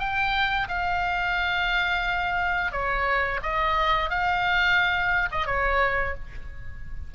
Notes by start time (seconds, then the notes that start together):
0.00 G5
0.69 F5
2.72 C#5
3.43 D#5
4.10 F5
5.32 D#5
5.47 C#5